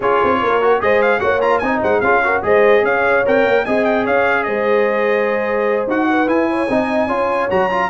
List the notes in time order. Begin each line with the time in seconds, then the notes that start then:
0.00 C#4 F4 G#4 C#5
0.23 C4
0.42 A#3 A#4
0.61 F#4
0.81 G#3 G#4 C5 D#5
1.01 F5
1.20 A#3 F#4 C#5 F#5
1.41 F4 A#5
1.58 C4 D#4 D#5 G#5
1.81 G#3 C5 F#5
2.00 C#4 F4 G#4 F5
2.23 F#4 A#4
2.42 G#3 G#4 C5 D#5
2.82 C#4 C#5 F5
3.25 C4 A#4 G5
3.45 A#3
3.64 C4 G#4 D#5 G#5
3.84 G5
4.04 C#4 C#5 F5
4.43 G#3 C5 D#5
5.87 D#4 F#4 F#5
6.09 B4
6.26 E4 G#5
6.49 C#5
6.69 C4 D#4 D#5
7.07 C#4 F4 C#5
7.49 F#3 F#4 A#5
7.70 F4